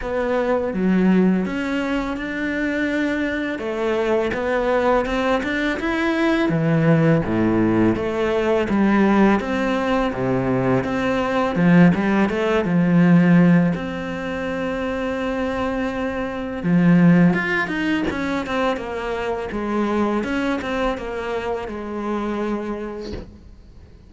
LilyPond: \new Staff \with { instrumentName = "cello" } { \time 4/4 \tempo 4 = 83 b4 fis4 cis'4 d'4~ | d'4 a4 b4 c'8 d'8 | e'4 e4 a,4 a4 | g4 c'4 c4 c'4 |
f8 g8 a8 f4. c'4~ | c'2. f4 | f'8 dis'8 cis'8 c'8 ais4 gis4 | cis'8 c'8 ais4 gis2 | }